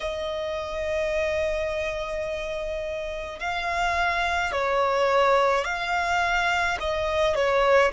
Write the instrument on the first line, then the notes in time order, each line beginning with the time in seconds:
violin
0.00 D#5
3.39 F5
4.52 C#5
5.64 F5
6.80 D#5
7.35 C#5